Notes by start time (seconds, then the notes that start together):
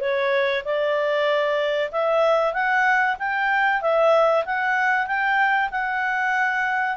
0.00 C#5
0.64 D5
1.91 E5
2.53 F#5
3.19 G5
3.81 E5
4.45 F#5
5.06 G5
5.71 F#5